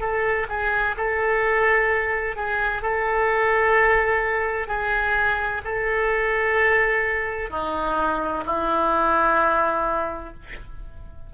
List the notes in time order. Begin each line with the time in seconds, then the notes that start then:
0.00 A4
0.49 G#4
0.97 A4
2.36 G#4
2.82 A4
4.68 G#4
5.64 A4
7.50 D#4
8.46 E4